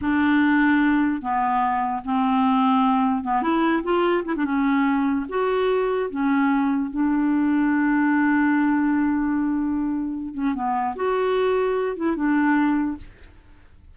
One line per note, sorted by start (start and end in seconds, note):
0.01 1.21 D4
1.21 2.02 B3
2.05 3.24 C4
3.24 3.42 B3
3.42 3.83 E4
3.83 4.23 F4
4.24 4.35 E4
4.36 4.44 D4
4.44 5.26 C#4
5.29 6.10 F#4
6.10 6.90 C#4
6.90 10.34 D4
10.34 10.54 C#4
10.54 10.95 B3
10.95 11.96 F#4
11.96 12.15 E4
12.15 12.97 D4